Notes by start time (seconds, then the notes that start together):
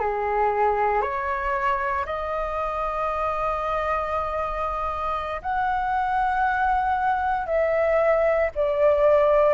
0.00 G#4
1.02 C#5
2.06 D#5
5.43 F#5
7.47 E5
8.55 D5